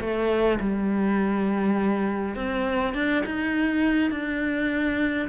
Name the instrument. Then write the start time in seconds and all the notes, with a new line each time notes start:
cello
0.00 A3
0.60 G3
2.35 C4
2.94 D4
3.25 D#4
4.11 D4